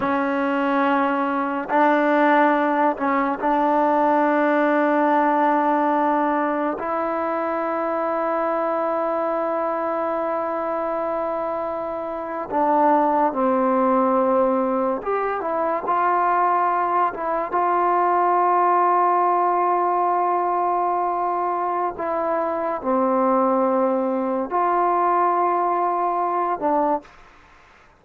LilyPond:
\new Staff \with { instrumentName = "trombone" } { \time 4/4 \tempo 4 = 71 cis'2 d'4. cis'8 | d'1 | e'1~ | e'2~ e'8. d'4 c'16~ |
c'4.~ c'16 g'8 e'8 f'4~ f'16~ | f'16 e'8 f'2.~ f'16~ | f'2 e'4 c'4~ | c'4 f'2~ f'8 d'8 | }